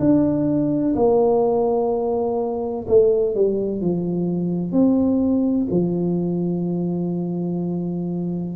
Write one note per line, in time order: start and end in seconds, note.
0.00 0.95 D4
0.96 2.87 A#3
2.88 3.35 A3
3.35 3.82 G3
3.82 4.72 F3
4.72 5.68 C4
5.71 8.56 F3